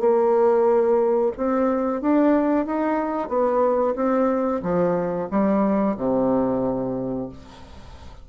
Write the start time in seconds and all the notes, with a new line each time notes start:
0.00 A#3
1.37 C4
2.01 D4
2.66 D#4
3.29 B3
3.95 C4
4.63 F3
5.31 G3
5.97 C3